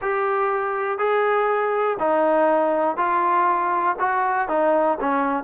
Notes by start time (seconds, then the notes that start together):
0.01 G4
0.98 G#4
1.99 D#4
2.97 F4
3.99 F#4
4.48 D#4
5.00 C#4